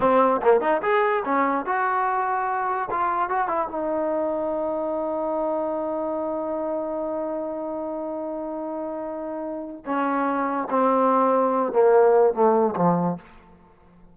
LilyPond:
\new Staff \with { instrumentName = "trombone" } { \time 4/4 \tempo 4 = 146 c'4 ais8 dis'8 gis'4 cis'4 | fis'2. f'4 | fis'8 e'8 dis'2.~ | dis'1~ |
dis'1~ | dis'1 | cis'2 c'2~ | c'8 ais4. a4 f4 | }